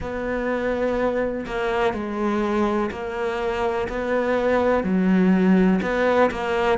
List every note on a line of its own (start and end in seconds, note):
0.00 1.45 B3
1.46 1.93 A#3
1.93 2.90 G#3
2.91 3.88 A#3
3.88 4.83 B3
4.83 5.80 F#3
5.82 6.30 B3
6.30 6.78 A#3